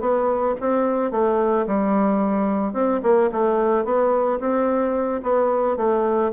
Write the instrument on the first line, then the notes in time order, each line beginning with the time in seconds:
bassoon
0.00 B3
0.60 C4
1.11 A3
1.67 G3
2.73 C4
3.02 A#3
3.32 A3
3.85 B3
4.40 C4
5.23 B3
5.76 A3